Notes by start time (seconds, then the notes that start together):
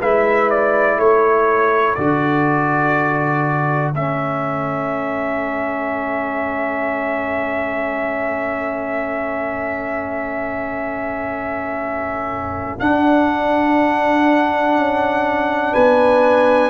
0.00 G#3 E4 B4 E5
0.50 D5
0.98 A3 A4 C#5
1.95 D3 F#4 D5
3.93 A3 C#4 E5
12.79 D4 F#5
14.76 C#4
15.73 B3 B4 G#5